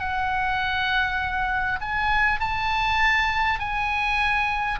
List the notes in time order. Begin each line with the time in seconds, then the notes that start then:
0.00 F#5
1.81 G#5
2.40 A5
3.59 G#5